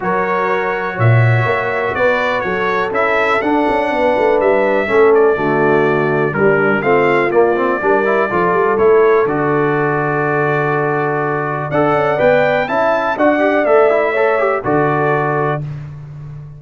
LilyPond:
<<
  \new Staff \with { instrumentName = "trumpet" } { \time 4/4 \tempo 4 = 123 cis''2 e''2 | d''4 cis''4 e''4 fis''4~ | fis''4 e''4. d''4.~ | d''4 ais'4 f''4 d''4~ |
d''2 cis''4 d''4~ | d''1 | fis''4 g''4 a''4 fis''4 | e''2 d''2 | }
  \new Staff \with { instrumentName = "horn" } { \time 4/4 ais'2 cis''2 | b'4 a'2. | b'2 a'4 fis'4~ | fis'4 d'4 f'2 |
ais'4 a'2.~ | a'1 | d''2 e''4 d''4~ | d''4 cis''4 a'2 | }
  \new Staff \with { instrumentName = "trombone" } { \time 4/4 fis'1~ | fis'2 e'4 d'4~ | d'2 cis'4 a4~ | a4 g4 c'4 ais8 c'8 |
d'8 e'8 f'4 e'4 fis'4~ | fis'1 | a'4 b'4 e'4 fis'8 g'8 | a'8 e'8 a'8 g'8 fis'2 | }
  \new Staff \with { instrumentName = "tuba" } { \time 4/4 fis2 ais,4 ais4 | b4 fis4 cis'4 d'8 cis'8 | b8 a8 g4 a4 d4~ | d4 g4 a4 ais4 |
g4 f8 g8 a4 d4~ | d1 | d'8 cis'8 b4 cis'4 d'4 | a2 d2 | }
>>